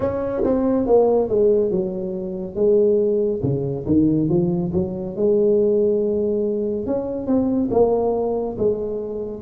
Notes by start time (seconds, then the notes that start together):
0.00 C#4
0.43 C4
0.86 A#3
1.29 G#3
1.71 F#3
2.55 G#3
3.42 C#3
3.86 D#3
4.29 F3
4.73 F#3
5.15 G#3
6.86 C#4
7.26 C4
7.71 A#3
8.58 G#3